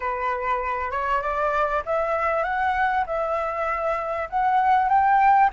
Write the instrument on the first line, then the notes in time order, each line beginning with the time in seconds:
flute
0.00 B4
0.91 C#5
1.21 D5
1.85 E5
2.43 F#5
3.06 E5
4.29 F#5
4.88 G5